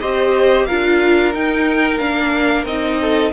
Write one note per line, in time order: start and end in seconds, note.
0.00 0.68 C4
0.00 0.69 G4
0.00 0.66 C5
0.00 0.65 D#5
0.65 1.34 D4
0.65 1.33 F4
0.65 3.00 A#4
0.65 1.32 F5
1.33 1.99 D#4
1.33 1.97 G5
1.97 2.65 A#3
1.97 2.66 D4
1.97 2.64 F5
2.65 3.31 C4
2.65 3.32 D#4
2.65 3.32 D#5
3.00 3.32 A4